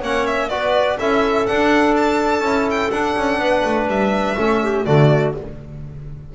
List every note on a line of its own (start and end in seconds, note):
0.00 0.50 A#3
0.00 0.51 C#4
0.00 0.48 C#5
0.00 0.27 F#5
0.27 0.49 E5
0.49 0.98 B3
0.49 0.99 F#4
0.49 1.00 B4
0.49 0.98 D5
1.00 1.49 C#4
1.00 1.48 E4
1.00 3.41 A4
1.00 1.47 E5
1.47 2.44 D4
1.47 2.41 D4
1.47 1.95 F#5
1.97 2.70 A5
2.41 2.89 C#4
2.41 2.92 E4
2.71 2.91 G5
2.91 3.16 D4
2.91 4.37 D4
2.91 3.88 F#5
3.17 3.39 C#4
3.39 3.63 B3
3.39 4.38 B4
3.65 3.88 A3
3.88 4.36 G3
3.88 4.86 E5
4.37 4.86 A3
4.37 4.86 C#4
4.37 4.64 A4
4.64 4.86 G4
4.86 5.35 D3
4.86 5.35 A3
4.86 5.34 F#4
4.86 5.34 D5